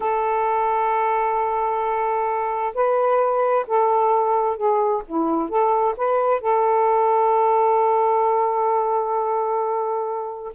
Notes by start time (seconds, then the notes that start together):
0.00 A4
2.74 B4
3.67 A4
4.56 G#4
5.07 E4
5.49 A4
5.96 B4
6.40 A4